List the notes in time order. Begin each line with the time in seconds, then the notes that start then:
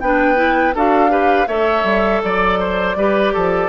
0.00 B3 D4 B4 G5
0.35 E4
0.74 D4 F#4 A4 F5
1.09 G4 B4
1.47 A3 A4 C#5 E5
1.84 G3
2.23 F#3 D5
2.59 C5
2.96 G3 G4 B4
3.34 F3 A4